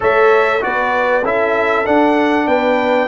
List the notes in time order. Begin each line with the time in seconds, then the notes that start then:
0.00 A3 A4 C#5 E5
0.61 B3 F#4 B4 D5
1.23 C#4 E4 A4 E5
1.85 D4 F#5
2.46 B3 B4 G5